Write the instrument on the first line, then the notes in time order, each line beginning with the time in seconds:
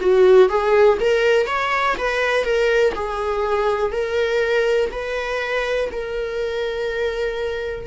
viola
0.00 F#4
0.49 G#4
1.00 A#4
1.47 C#5
1.98 B4
2.44 A#4
2.95 G#4
3.92 A#4
4.91 B4
5.92 A#4